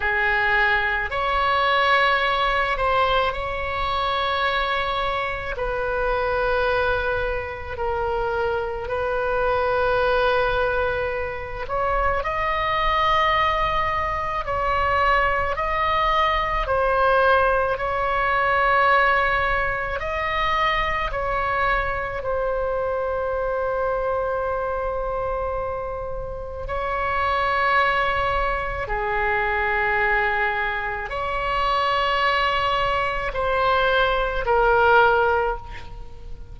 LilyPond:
\new Staff \with { instrumentName = "oboe" } { \time 4/4 \tempo 4 = 54 gis'4 cis''4. c''8 cis''4~ | cis''4 b'2 ais'4 | b'2~ b'8 cis''8 dis''4~ | dis''4 cis''4 dis''4 c''4 |
cis''2 dis''4 cis''4 | c''1 | cis''2 gis'2 | cis''2 c''4 ais'4 | }